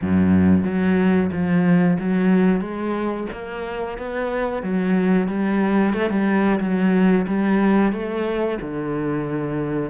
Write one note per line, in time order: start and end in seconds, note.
0.01 0.64 F#2
0.64 1.30 F#3
1.32 1.98 F3
1.99 2.60 F#3
2.60 3.26 G#3
3.32 3.97 A#3
3.97 4.62 B3
4.62 5.27 F#3
5.27 5.93 G3
5.93 6.10 A3
6.10 6.59 G3
6.60 7.26 F#3
7.27 7.92 G3
7.92 8.58 A3
8.61 9.90 D3